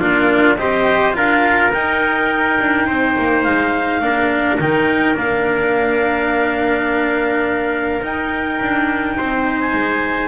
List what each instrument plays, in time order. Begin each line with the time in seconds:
0.00 double bass A#3, cello D4, trumpet F4, clarinet A#4
0.57 double bass C4, cello G4, trumpet C5, clarinet D#5
1.13 double bass D4, cello F4, trumpet A#4, clarinet F5
1.73 double bass D#4, cello D#4, clarinet G5
2.60 double bass D4
2.87 double bass C4, trumpet C5
3.19 double bass A#3
3.43 double bass G#3, clarinet F5
4.01 double bass A#3, cello D4, trumpet A#4
4.60 double bass D#3, cello D#4, clarinet G5
5.15 double bass A#3, cello D4, clarinet F5
8.02 double bass D#4, cello D#4, clarinet G5
8.61 double bass D4
9.18 double bass C4, trumpet C5
9.60 clarinet G#5
9.73 double bass G#3